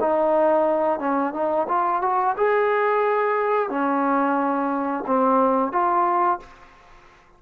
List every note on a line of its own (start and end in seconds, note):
0.00 0.99 D#4
0.99 1.33 C#4
1.33 1.67 D#4
1.68 2.02 F4
2.02 2.35 F#4
2.37 3.69 G#4
3.69 5.04 C#4
5.07 5.72 C4
5.72 6.39 F4